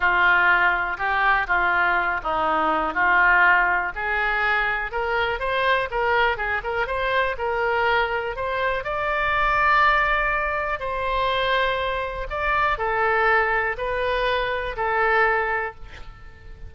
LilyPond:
\new Staff \with { instrumentName = "oboe" } { \time 4/4 \tempo 4 = 122 f'2 g'4 f'4~ | f'8 dis'4. f'2 | gis'2 ais'4 c''4 | ais'4 gis'8 ais'8 c''4 ais'4~ |
ais'4 c''4 d''2~ | d''2 c''2~ | c''4 d''4 a'2 | b'2 a'2 | }